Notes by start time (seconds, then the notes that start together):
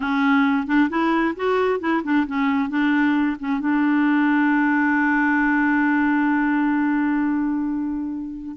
0.00 C#4
0.66 D4
0.89 E4
1.36 F#4
1.79 E4
2.03 D4
2.26 C#4
2.69 D4
3.39 C#4
3.60 D4